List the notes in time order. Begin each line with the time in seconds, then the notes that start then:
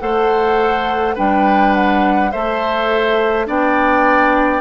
0.00 A3 A4 C5 F#5
1.15 G3 D4 B4 G5
1.74 F#5
2.31 A3 A4 C5 E5
3.47 B3 D4 D5 G5